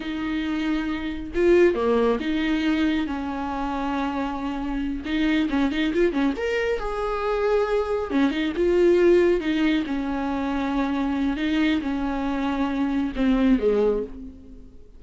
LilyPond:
\new Staff \with { instrumentName = "viola" } { \time 4/4 \tempo 4 = 137 dis'2. f'4 | ais4 dis'2 cis'4~ | cis'2.~ cis'8 dis'8~ | dis'8 cis'8 dis'8 f'8 cis'8 ais'4 gis'8~ |
gis'2~ gis'8 cis'8 dis'8 f'8~ | f'4. dis'4 cis'4.~ | cis'2 dis'4 cis'4~ | cis'2 c'4 gis4 | }